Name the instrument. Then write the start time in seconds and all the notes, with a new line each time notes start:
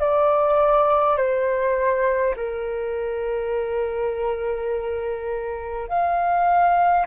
flute
0.00 D5
1.17 C5
2.37 A#4
5.89 F5